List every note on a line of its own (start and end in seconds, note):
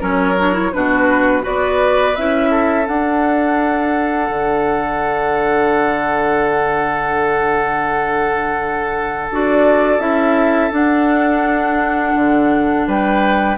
0.00 0.73 F#3
0.00 0.36 C#4
0.00 0.72 A#4
0.00 0.73 C#5
0.39 0.53 D4
0.53 0.71 E4
0.73 1.46 B2
0.73 1.43 D4
0.73 1.43 F#4
0.73 1.44 B4
1.43 2.17 B3
1.43 2.14 F#4
1.43 2.50 B4
1.43 2.16 D5
2.16 2.88 C#4
2.16 2.85 E4
2.16 2.87 E5
2.51 12.87 A4
2.85 9.28 D4
2.85 4.29 D4
2.85 9.31 F#5
4.29 9.29 D3
9.31 9.99 D4
9.31 10.00 F#4
9.31 10.00 D5
9.99 10.71 C#4
9.99 10.71 E4
9.99 10.72 E5
10.72 13.58 D4
10.72 12.15 D4
10.72 12.89 F#5
12.16 12.87 D3
12.87 13.58 G3
12.87 13.58 B4
12.87 13.58 G5